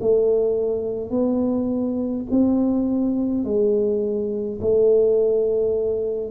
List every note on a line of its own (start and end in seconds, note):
0.00 1.10 A3
1.10 2.26 B3
2.31 3.44 C4
3.44 4.59 G#3
4.61 6.31 A3